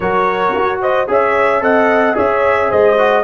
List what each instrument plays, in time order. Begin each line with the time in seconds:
0.00 tuba F#3, trombone F#4, horn A#4, trumpet C#5
0.55 tuba F#4
0.81 horn C5, trumpet D#5
1.07 tuba C#4, trombone G#4, horn C#5, trumpet E5
1.60 tuba C4, trombone A4, horn D#5, trumpet F#5
2.14 tuba C#4, trombone G#4, horn C#5, trumpet E5
2.69 tuba G#3, horn C5, trumpet D#5
2.98 trombone F#4